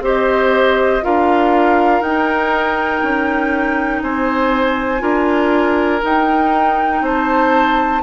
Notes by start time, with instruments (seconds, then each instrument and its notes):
0.00 bassoon C4, clarinet G4, oboe C5, flute D#5
1.02 bassoon D4, clarinet F4, oboe A#4, flute F5
2.01 bassoon D#4, clarinet D#4, flute G5
3.02 bassoon C#4
4.02 bassoon C4, oboe C5, flute G#5
4.99 bassoon D4, clarinet F4, oboe A#4
6.03 clarinet D#4, bassoon D#4, flute G5
7.01 bassoon C4, oboe C5, flute A5